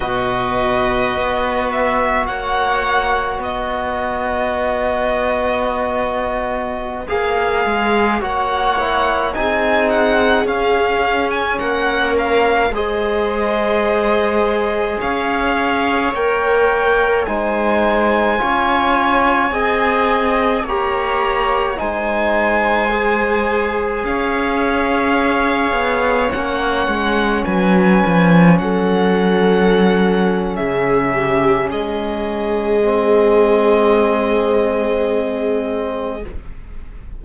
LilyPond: <<
  \new Staff \with { instrumentName = "violin" } { \time 4/4 \tempo 4 = 53 dis''4. e''8 fis''4 dis''4~ | dis''2~ dis''16 f''4 fis''8.~ | fis''16 gis''8 fis''8 f''8. gis''16 fis''8 f''8 dis''8.~ | dis''4~ dis''16 f''4 g''4 gis''8.~ |
gis''2~ gis''16 ais''4 gis''8.~ | gis''4~ gis''16 f''2 fis''8.~ | fis''16 gis''4 fis''4.~ fis''16 e''4 | dis''1 | }
  \new Staff \with { instrumentName = "viola" } { \time 4/4 b'2 cis''4 b'4~ | b'2.~ b'16 cis''8.~ | cis''16 gis'2 ais'4 c''8.~ | c''4~ c''16 cis''2 c''8.~ |
c''16 cis''4 dis''4 cis''4 c''8.~ | c''4~ c''16 cis''2~ cis''8.~ | cis''16 b'4 a'4.~ a'16 gis'8 g'8 | gis'1 | }
  \new Staff \with { instrumentName = "trombone" } { \time 4/4 fis'1~ | fis'2~ fis'16 gis'4 fis'8 e'16~ | e'16 dis'4 cis'2 gis'8.~ | gis'2~ gis'16 ais'4 dis'8.~ |
dis'16 f'4 gis'4 g'4 dis'8.~ | dis'16 gis'2. cis'8.~ | cis'1~ | cis'4 c'2. | }
  \new Staff \with { instrumentName = "cello" } { \time 4/4 b,4 b4 ais4 b4~ | b2~ b16 ais8 gis8 ais8.~ | ais16 c'4 cis'4 ais4 gis8.~ | gis4~ gis16 cis'4 ais4 gis8.~ |
gis16 cis'4 c'4 ais4 gis8.~ | gis4~ gis16 cis'4. b8 ais8 gis16~ | gis16 fis8 f8 fis4.~ fis16 cis4 | gis1 | }
>>